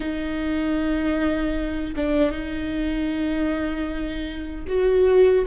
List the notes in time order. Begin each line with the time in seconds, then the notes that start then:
0.00 D#4
1.96 D4
2.31 D#4
4.67 F#4